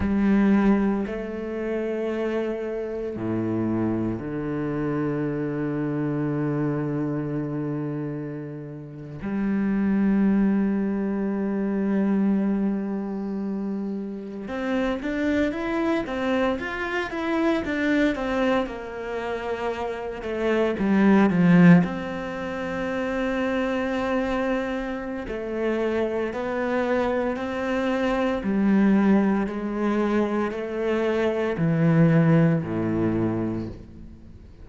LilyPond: \new Staff \with { instrumentName = "cello" } { \time 4/4 \tempo 4 = 57 g4 a2 a,4 | d1~ | d8. g2.~ g16~ | g4.~ g16 c'8 d'8 e'8 c'8 f'16~ |
f'16 e'8 d'8 c'8 ais4. a8 g16~ | g16 f8 c'2.~ c'16 | a4 b4 c'4 g4 | gis4 a4 e4 a,4 | }